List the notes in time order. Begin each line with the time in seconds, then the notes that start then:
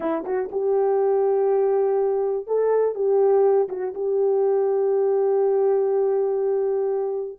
0.00 E4
0.25 F#4
0.51 G4
2.46 A4
2.94 G4
3.69 F#4
3.94 G4